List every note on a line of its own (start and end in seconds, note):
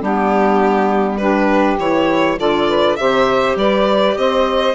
0.00 1.79 G3
0.00 1.20 B3
0.00 1.19 D4
0.00 1.18 G4
1.18 1.80 D4
1.18 2.38 G4
1.18 1.77 B4
1.79 2.38 E3
1.79 2.38 E4
1.79 2.39 C#5
2.38 2.99 D3
2.38 2.98 F4
2.38 2.68 A4
2.38 2.97 D5
2.68 2.98 B4
2.97 3.56 C3
2.97 4.75 G4
2.97 3.58 C5
2.97 3.56 E5
3.56 4.16 G3
3.56 4.17 B4
3.56 4.18 D5
4.18 4.75 C4
4.18 4.75 C5
4.18 4.75 D#5